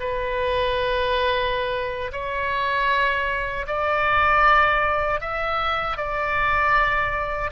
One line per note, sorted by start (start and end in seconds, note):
0.00 2.12 B4
2.12 3.66 C#5
3.67 5.21 D5
5.21 5.97 E5
5.97 7.51 D5